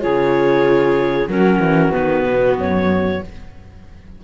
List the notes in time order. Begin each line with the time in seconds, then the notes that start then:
0.00 C#3 F4 G#4 C#5
1.27 F#3 C#4 F#4 A#4
1.59 E3
1.92 D#3 B3 B4
2.24 B2
2.57 F#2 C#5